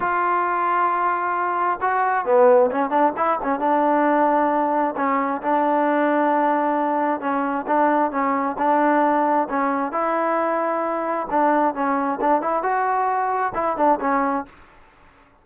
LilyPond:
\new Staff \with { instrumentName = "trombone" } { \time 4/4 \tempo 4 = 133 f'1 | fis'4 b4 cis'8 d'8 e'8 cis'8 | d'2. cis'4 | d'1 |
cis'4 d'4 cis'4 d'4~ | d'4 cis'4 e'2~ | e'4 d'4 cis'4 d'8 e'8 | fis'2 e'8 d'8 cis'4 | }